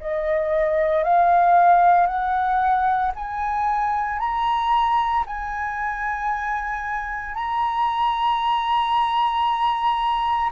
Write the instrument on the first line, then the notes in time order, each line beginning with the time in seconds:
flute
0.00 D#5
1.04 F5
2.07 F#5
3.15 G#5
4.20 A#5
5.26 G#5
7.35 A#5